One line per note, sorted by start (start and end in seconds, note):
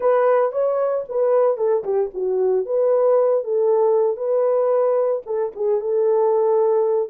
0.00 0.51 B4
0.51 1.04 C#5
1.08 1.57 B4
1.57 1.83 A4
1.84 2.10 G4
2.14 2.65 F#4
2.65 3.44 B4
3.44 4.16 A4
4.16 5.22 B4
5.25 5.52 A4
5.55 5.81 G#4
5.81 7.09 A4